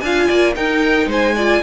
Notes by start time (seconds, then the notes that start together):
0.00 D4 F4 F5 G#5
0.28 A#3 D5
0.55 D#4 A#4 G5
1.07 G#3 C5 G#5
1.35 F4 D5